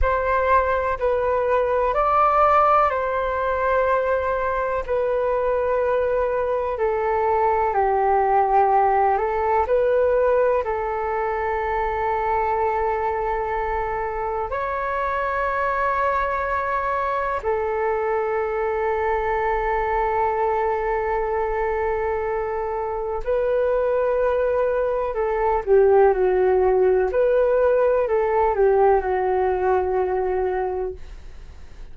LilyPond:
\new Staff \with { instrumentName = "flute" } { \time 4/4 \tempo 4 = 62 c''4 b'4 d''4 c''4~ | c''4 b'2 a'4 | g'4. a'8 b'4 a'4~ | a'2. cis''4~ |
cis''2 a'2~ | a'1 | b'2 a'8 g'8 fis'4 | b'4 a'8 g'8 fis'2 | }